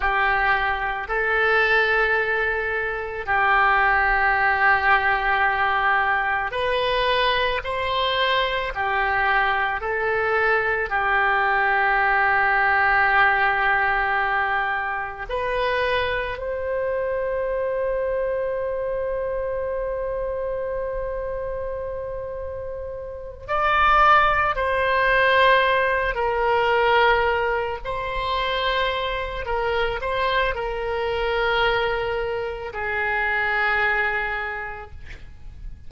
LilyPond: \new Staff \with { instrumentName = "oboe" } { \time 4/4 \tempo 4 = 55 g'4 a'2 g'4~ | g'2 b'4 c''4 | g'4 a'4 g'2~ | g'2 b'4 c''4~ |
c''1~ | c''4. d''4 c''4. | ais'4. c''4. ais'8 c''8 | ais'2 gis'2 | }